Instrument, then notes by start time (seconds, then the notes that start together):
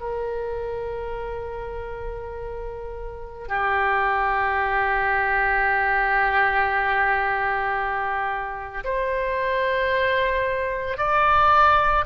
oboe
0.00 A#4
3.49 G4
8.84 C5
10.98 D5